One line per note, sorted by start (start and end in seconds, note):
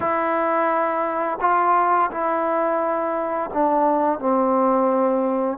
0.00 1.38 E4
1.40 2.10 F4
2.11 3.50 E4
3.53 4.19 D4
4.19 5.58 C4